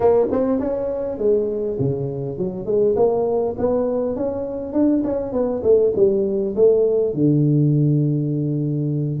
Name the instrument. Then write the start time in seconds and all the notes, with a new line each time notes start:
tuba
0.00 A#3
0.31 C4
0.59 C#4
1.17 G#3
1.79 C#3
2.38 F#3
2.65 G#3
2.96 A#3
3.58 B3
4.16 C#4
4.73 D4
5.04 C#4
5.32 B3
5.63 A3
5.95 G3
6.55 A3
7.14 D3